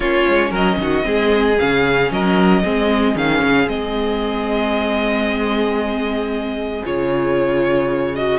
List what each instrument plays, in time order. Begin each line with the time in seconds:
0.00 cello A#3, viola C#4, violin F4 C#5
0.28 cello G#3
0.50 cello F#3, violin A#4 D#5
0.78 cello D#3, violin F#4
1.02 cello G#3, viola C4, violin G#4
1.58 cello C#3, viola C#4, violin F5
2.11 cello F#3, violin A#4 D#5
2.63 cello G#3, viola C4, violin G#4
3.15 cello D#3, viola C#4, violin F5
3.42 cello C#3
3.67 cello G#3, viola C4, violin D#5
6.84 cello C#3, viola F4, violin C#5
8.15 viola F#4, violin D#5